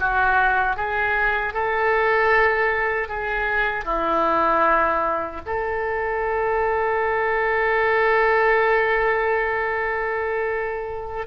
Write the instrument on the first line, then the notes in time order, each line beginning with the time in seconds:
oboe
0.00 F#4
0.77 G#4
1.54 A4
3.09 G#4
3.85 E4
5.46 A4